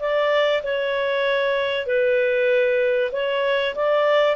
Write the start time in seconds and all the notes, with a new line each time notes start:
0.00 D5
0.64 C#5
1.87 B4
3.12 C#5
3.76 D5